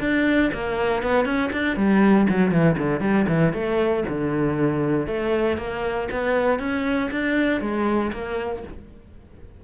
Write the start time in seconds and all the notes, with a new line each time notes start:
0.00 D4
0.53 A#3
1.02 B3
1.25 C#4
1.52 D4
1.76 G3
2.29 F#3
2.51 E3
2.78 D3
3.00 G3
3.28 E3
3.53 A3
4.08 D3
5.06 A3
5.57 A#3
6.11 B3
6.59 C#4
7.11 D4
7.60 G#3
8.12 A#3